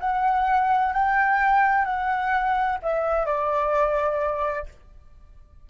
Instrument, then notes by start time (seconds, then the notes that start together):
flute
0.00 F#5
0.93 G5
1.85 F#5
2.83 E5
3.26 D5